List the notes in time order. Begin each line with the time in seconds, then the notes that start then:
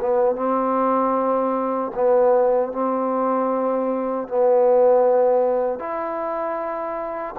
0.00 B3
0.36 C4
1.95 B3
2.72 C4
4.28 B3
5.79 E4